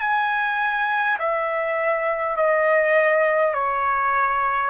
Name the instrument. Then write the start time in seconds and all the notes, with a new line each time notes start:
trumpet
0.00 G#5
1.19 E5
2.36 D#5
3.54 C#5